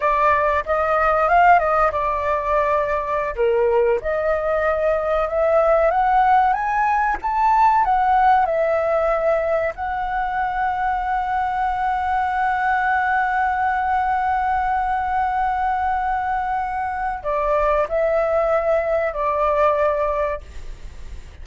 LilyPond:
\new Staff \with { instrumentName = "flute" } { \time 4/4 \tempo 4 = 94 d''4 dis''4 f''8 dis''8 d''4~ | d''4~ d''16 ais'4 dis''4.~ dis''16~ | dis''16 e''4 fis''4 gis''4 a''8.~ | a''16 fis''4 e''2 fis''8.~ |
fis''1~ | fis''1~ | fis''2. d''4 | e''2 d''2 | }